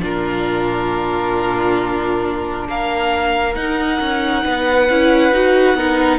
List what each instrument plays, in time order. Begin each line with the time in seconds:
0.00 cello A#2, viola D4, violin F4 A#4
2.69 cello A#3, violin A#4 F5
3.55 viola D#4, cello D#4, violin F#5
4.01 cello C#4
4.45 cello B3, violin B4
4.90 cello C#4, viola E4
5.32 cello D#4, viola F#4
5.75 cello B3, viola D#4, violin A#4